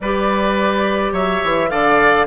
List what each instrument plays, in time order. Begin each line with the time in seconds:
0.00 bassoon G3, clarinet G4, oboe B4, flute D5
1.12 bassoon F#3, oboe C#5, flute E5
1.44 bassoon E3
1.69 bassoon D3, clarinet A4, oboe D5, flute F5